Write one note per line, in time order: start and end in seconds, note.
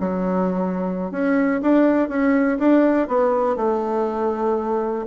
0.00 1.12 F#3
1.12 1.61 C#4
1.62 2.09 D4
2.09 2.59 C#4
2.59 3.08 D4
3.08 3.57 B3
3.57 5.05 A3